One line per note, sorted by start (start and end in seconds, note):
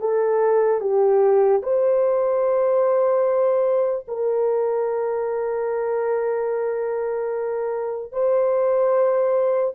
0.00 0.81 A4
0.81 1.62 G4
1.63 4.06 C5
4.08 8.12 A#4
8.12 9.74 C5